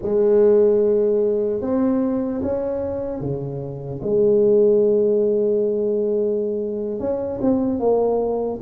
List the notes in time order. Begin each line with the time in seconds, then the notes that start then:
0.02 G#3
1.61 C4
2.42 C#4
3.20 C#3
4.02 G#3
6.99 C#4
7.41 C4
7.79 A#3